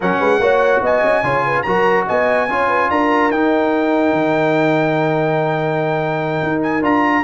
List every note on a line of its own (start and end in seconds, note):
0.00 0.20 F#3
0.00 0.41 C#4
0.00 0.19 A#4
0.00 0.83 F#5
0.19 0.39 G#3
0.19 0.40 B4
0.39 0.80 A#3
0.39 1.23 F#4
0.39 0.82 C#5
0.81 1.02 B3
0.81 1.24 D#5
0.81 1.62 G#5
1.03 1.23 C#4
1.23 1.64 C#3
1.23 1.65 F4
1.23 1.45 C#5
1.45 1.66 B4
1.62 2.07 F#3
1.62 2.48 F#4
1.62 2.06 A#4
1.62 2.03 A#5
2.06 2.48 B3
2.06 2.48 D#5
2.06 2.90 G#5
2.48 2.89 C#4
2.48 3.32 F4
2.48 2.68 C#5
2.68 2.88 B4
2.90 3.30 D4
2.90 7.23 A#4
2.90 3.31 A#5
3.30 4.12 D#4
3.30 6.82 D#4
3.30 6.62 G5
4.12 6.40 D#3
6.42 6.81 D#4
6.62 6.83 G#5
6.81 7.22 D4
6.81 7.23 F4
6.81 7.23 A#5